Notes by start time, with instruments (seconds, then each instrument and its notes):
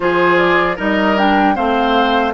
0.00 bassoon F3, clarinet F4, oboe G#4, flute C5
0.37 flute D5
0.76 bassoon G3, clarinet D#4, oboe A#4, flute D#5
1.16 clarinet D4, flute G5
1.55 bassoon A3, clarinet C4, oboe C5, flute F5